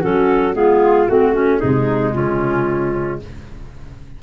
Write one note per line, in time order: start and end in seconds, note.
0.00 0.55 F#3
0.00 0.52 C#4
0.00 0.53 F#4
0.00 0.54 A4
0.52 1.08 G#3
0.52 1.05 B3
0.52 1.08 F4
0.52 1.08 G#4
1.08 1.62 A3
1.08 1.33 C4
1.08 1.58 F#4
1.08 1.35 F#4
1.33 1.59 C#4
1.33 1.60 C#4
1.58 2.16 C3
1.58 3.22 G#3
1.58 2.13 D#4
1.58 2.11 G#4
2.13 3.22 C#3
2.13 3.22 C#4
2.13 3.19 F4